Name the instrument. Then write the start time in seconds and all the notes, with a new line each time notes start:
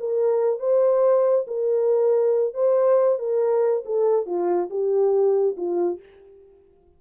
horn
0.00 A#4
0.60 C5
1.48 A#4
2.54 C5
3.19 A#4
3.86 A4
4.26 F4
4.70 G4
5.57 F4